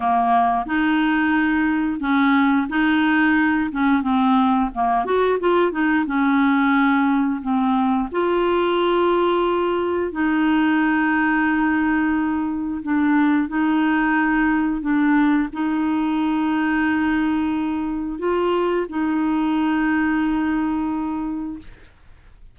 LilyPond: \new Staff \with { instrumentName = "clarinet" } { \time 4/4 \tempo 4 = 89 ais4 dis'2 cis'4 | dis'4. cis'8 c'4 ais8 fis'8 | f'8 dis'8 cis'2 c'4 | f'2. dis'4~ |
dis'2. d'4 | dis'2 d'4 dis'4~ | dis'2. f'4 | dis'1 | }